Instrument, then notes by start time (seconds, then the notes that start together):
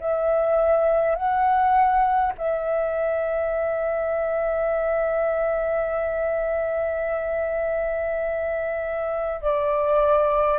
flute
0.00 E5
1.16 F#5
2.39 E5
9.42 D5